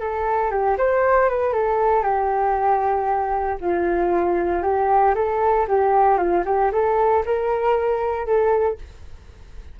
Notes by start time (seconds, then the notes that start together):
0.00 A4
0.51 G4
0.78 C5
1.29 B4
1.53 A4
2.03 G4
3.60 F4
4.62 G4
5.15 A4
5.68 G4
6.17 F4
6.45 G4
6.72 A4
7.25 A#4
8.26 A4